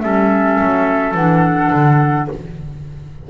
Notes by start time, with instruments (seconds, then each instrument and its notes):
0.00 double bass G3, clarinet C#4, trumpet A4, flute E5
0.60 double bass F#3
1.14 double bass E3, clarinet D4, flute F#5
1.72 double bass D3